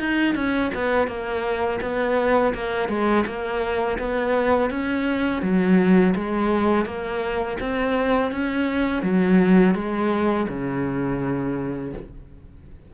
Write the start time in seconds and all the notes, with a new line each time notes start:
0.00 D#4
0.35 C#4
0.75 B3
1.08 A#3
1.82 B3
2.55 A#3
2.89 G#3
3.27 A#3
3.99 B3
4.71 C#4
5.42 F#3
6.16 G#3
6.86 A#3
7.61 C4
8.32 C#4
9.03 F#3
9.75 G#3
10.49 C#3